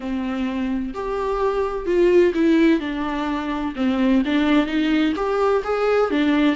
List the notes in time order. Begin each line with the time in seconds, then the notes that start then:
0.00 C4
0.94 G4
1.85 F4
2.34 E4
2.80 D4
3.75 C4
4.25 D4
4.66 D#4
5.16 G4
5.63 G#4
6.10 D4